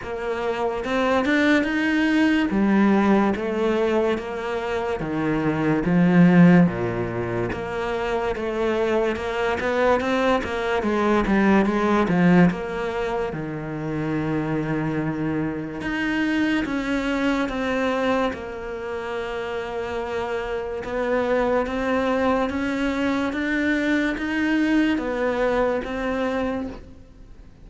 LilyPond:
\new Staff \with { instrumentName = "cello" } { \time 4/4 \tempo 4 = 72 ais4 c'8 d'8 dis'4 g4 | a4 ais4 dis4 f4 | ais,4 ais4 a4 ais8 b8 | c'8 ais8 gis8 g8 gis8 f8 ais4 |
dis2. dis'4 | cis'4 c'4 ais2~ | ais4 b4 c'4 cis'4 | d'4 dis'4 b4 c'4 | }